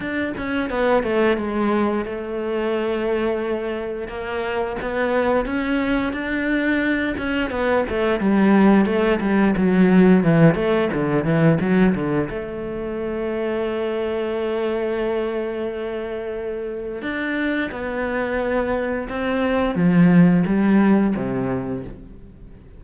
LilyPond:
\new Staff \with { instrumentName = "cello" } { \time 4/4 \tempo 4 = 88 d'8 cis'8 b8 a8 gis4 a4~ | a2 ais4 b4 | cis'4 d'4. cis'8 b8 a8 | g4 a8 g8 fis4 e8 a8 |
d8 e8 fis8 d8 a2~ | a1~ | a4 d'4 b2 | c'4 f4 g4 c4 | }